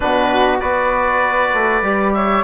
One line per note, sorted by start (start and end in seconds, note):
0.00 0.62 B2
0.00 0.60 D4
0.00 0.60 F#4
0.00 0.58 B4
0.60 1.53 B3
0.60 1.83 F#4
0.60 2.14 B4
0.60 2.13 D5
1.53 1.82 A3
1.82 2.43 G3
1.82 2.43 G4
2.13 2.43 C#5
2.13 2.43 E5